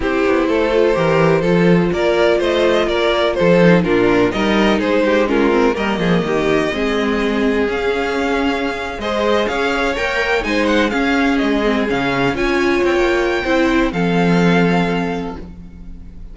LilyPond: <<
  \new Staff \with { instrumentName = "violin" } { \time 4/4 \tempo 4 = 125 c''1 | d''4 dis''4 d''4 c''4 | ais'4 dis''4 c''4 ais'4 | dis''1 |
f''2~ f''8. dis''4 f''16~ | f''8. g''4 gis''8 fis''8 f''4 dis''16~ | dis''8. f''4 gis''4 g''4~ g''16~ | g''4 f''2. | }
  \new Staff \with { instrumentName = "violin" } { \time 4/4 g'4 a'4 ais'4 a'4 | ais'4 c''4 ais'4 a'4 | f'4 ais'4 gis'8 g'8 f'4 | ais'8 gis'8 g'4 gis'2~ |
gis'2~ gis'8. c''4 cis''16~ | cis''4.~ cis''16 c''4 gis'4~ gis'16~ | gis'4.~ gis'16 cis''2~ cis''16 | c''4 a'2. | }
  \new Staff \with { instrumentName = "viola" } { \time 4/4 e'4. f'8 g'4 f'4~ | f'2.~ f'8 dis'8 | d'4 dis'2 cis'8 c'8 | ais2 c'2 |
cis'2~ cis'8. gis'4~ gis'16~ | gis'8. ais'4 dis'4 cis'4~ cis'16~ | cis'16 c'8 cis'4 f'2~ f'16 | e'4 c'2. | }
  \new Staff \with { instrumentName = "cello" } { \time 4/4 c'8 b8 a4 e4 f4 | ais4 a4 ais4 f4 | ais,4 g4 gis2 | g8 f8 dis4 gis2 |
cis'2~ cis'8. gis4 cis'16~ | cis'8. ais4 gis4 cis'4 gis16~ | gis8. cis4 cis'4 c'16 ais4 | c'4 f2. | }
>>